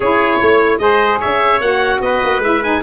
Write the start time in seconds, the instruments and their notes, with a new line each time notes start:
0.00 tuba C#4, saxophone E4, trumpet G#4, oboe C#5
0.38 tuba A3, trumpet C#5
0.78 tuba G#3, saxophone G#4, trumpet C5, oboe D#5
1.19 tuba C#4, trumpet C#5, oboe E5
1.60 tuba A#3, saxophone F#4, oboe F#5
2.00 tuba B3, trumpet B4, oboe D#5
2.24 tuba A#3
2.38 tuba G#3, saxophone E4, oboe E5
2.63 saxophone D#4, oboe G#5